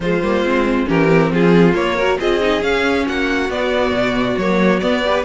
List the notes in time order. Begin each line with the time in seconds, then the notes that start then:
0.00 F3 G#3 F4 C5
0.21 G3 A#3
0.42 G#3 C4
0.86 E3 C#4 G4 A#4
1.08 C4
1.31 F3 F4 G#4
1.73 A#3 C#5
1.96 F#4 A#4
2.19 C4 F4 G#4 D#5
2.40 D#4
2.61 C#4 F5
3.06 A#3 F#4 F#5
3.49 B3 D5
3.91 B2
4.37 F#3 A#3 C#5
4.79 B3 D5
5.04 G4 B4